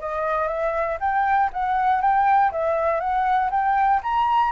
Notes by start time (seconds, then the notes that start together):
0.00 D#5
0.48 E5
1.00 G5
1.53 F#5
2.02 G5
2.52 E5
3.00 F#5
3.51 G5
4.03 A#5